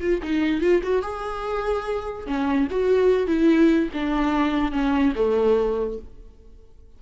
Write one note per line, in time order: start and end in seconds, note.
0.00 0.21 F4
0.22 0.61 D#4
0.61 0.81 F4
0.83 1.02 F#4
1.02 2.26 G#4
2.26 2.68 C#4
2.70 3.27 F#4
3.27 3.89 E4
3.93 4.72 D4
4.72 5.13 C#4
5.15 5.98 A3